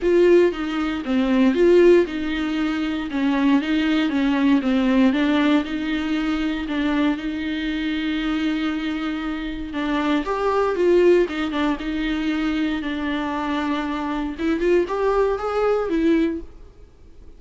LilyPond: \new Staff \with { instrumentName = "viola" } { \time 4/4 \tempo 4 = 117 f'4 dis'4 c'4 f'4 | dis'2 cis'4 dis'4 | cis'4 c'4 d'4 dis'4~ | dis'4 d'4 dis'2~ |
dis'2. d'4 | g'4 f'4 dis'8 d'8 dis'4~ | dis'4 d'2. | e'8 f'8 g'4 gis'4 e'4 | }